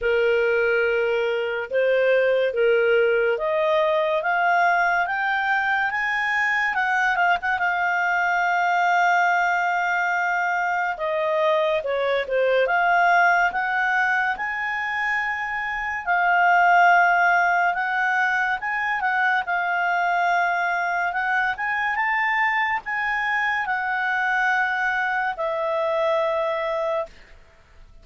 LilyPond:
\new Staff \with { instrumentName = "clarinet" } { \time 4/4 \tempo 4 = 71 ais'2 c''4 ais'4 | dis''4 f''4 g''4 gis''4 | fis''8 f''16 fis''16 f''2.~ | f''4 dis''4 cis''8 c''8 f''4 |
fis''4 gis''2 f''4~ | f''4 fis''4 gis''8 fis''8 f''4~ | f''4 fis''8 gis''8 a''4 gis''4 | fis''2 e''2 | }